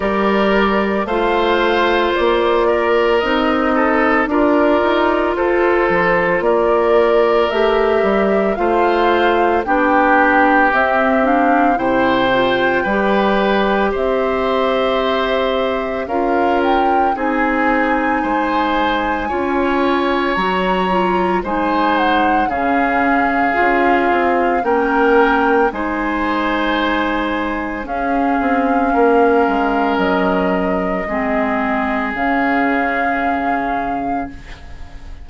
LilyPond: <<
  \new Staff \with { instrumentName = "flute" } { \time 4/4 \tempo 4 = 56 d''4 f''4 d''4 dis''4 | d''4 c''4 d''4 e''4 | f''4 g''4 e''8 f''8 g''4~ | g''4 e''2 f''8 g''8 |
gis''2. ais''4 | gis''8 fis''8 f''2 g''4 | gis''2 f''2 | dis''2 f''2 | }
  \new Staff \with { instrumentName = "oboe" } { \time 4/4 ais'4 c''4. ais'4 a'8 | ais'4 a'4 ais'2 | c''4 g'2 c''4 | b'4 c''2 ais'4 |
gis'4 c''4 cis''2 | c''4 gis'2 ais'4 | c''2 gis'4 ais'4~ | ais'4 gis'2. | }
  \new Staff \with { instrumentName = "clarinet" } { \time 4/4 g'4 f'2 dis'4 | f'2. g'4 | f'4 d'4 c'8 d'8 e'8 f'8 | g'2. f'4 |
dis'2 f'4 fis'8 f'8 | dis'4 cis'4 f'4 cis'4 | dis'2 cis'2~ | cis'4 c'4 cis'2 | }
  \new Staff \with { instrumentName = "bassoon" } { \time 4/4 g4 a4 ais4 c'4 | d'8 dis'8 f'8 f8 ais4 a8 g8 | a4 b4 c'4 c4 | g4 c'2 cis'4 |
c'4 gis4 cis'4 fis4 | gis4 cis4 cis'8 c'8 ais4 | gis2 cis'8 c'8 ais8 gis8 | fis4 gis4 cis2 | }
>>